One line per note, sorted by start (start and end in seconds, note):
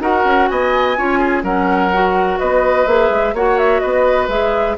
0.00 0.24 D#4
0.00 0.96 F#4
0.00 0.49 A#4
0.00 0.48 F#5
0.24 0.48 C#4
0.48 0.98 B3
0.48 0.98 D#5
0.48 1.43 G#5
0.97 1.43 C#4
0.97 1.44 F4
0.97 1.19 C#5
1.19 1.43 G#4
1.43 2.38 F#3
1.43 1.91 C#4
1.43 2.39 A#4
1.43 2.39 F#5
1.93 2.87 F#4
2.39 2.86 B3
2.39 3.35 B4
2.39 2.87 D#5
2.86 3.10 A#3
2.86 3.34 G#4
2.86 3.35 E5
3.10 3.34 G#3
3.34 3.81 A#3
3.34 4.29 F#4
3.34 3.82 C#5
3.34 3.58 F#5
3.58 3.80 E5
3.80 4.28 B3
3.80 4.77 B4
3.80 4.27 D#5
4.28 4.76 G#3
4.28 4.77 G#4
4.28 4.77 E5